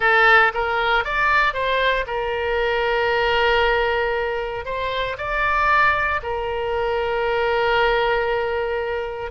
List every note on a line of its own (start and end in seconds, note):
0.00 0.52 A4
0.53 1.04 A#4
1.04 1.53 D5
1.53 2.05 C5
2.06 4.65 A#4
4.65 5.17 C5
5.17 6.20 D5
6.22 9.31 A#4